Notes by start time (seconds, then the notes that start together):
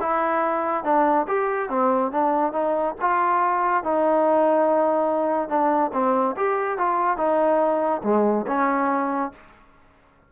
0.00 E4
0.84 D4
1.27 G4
1.69 C4
2.11 D4
2.52 D#4
3.01 F4
3.83 D#4
5.49 D4
5.93 C4
6.36 G4
6.78 F4
7.17 D#4
8.03 G#3
8.47 C#4